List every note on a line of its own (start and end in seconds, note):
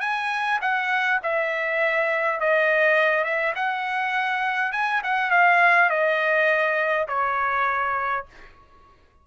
0.00 0.59 G#5
0.61 1.20 F#5
1.22 2.40 E5
2.40 3.24 D#5
3.24 3.53 E5
3.55 4.72 F#5
4.72 5.01 G#5
5.03 5.30 F#5
5.30 5.89 F5
5.89 7.07 D#5
7.08 8.25 C#5